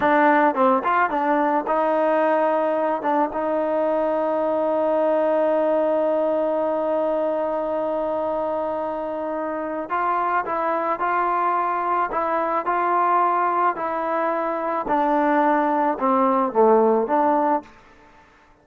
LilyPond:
\new Staff \with { instrumentName = "trombone" } { \time 4/4 \tempo 4 = 109 d'4 c'8 f'8 d'4 dis'4~ | dis'4. d'8 dis'2~ | dis'1~ | dis'1~ |
dis'2 f'4 e'4 | f'2 e'4 f'4~ | f'4 e'2 d'4~ | d'4 c'4 a4 d'4 | }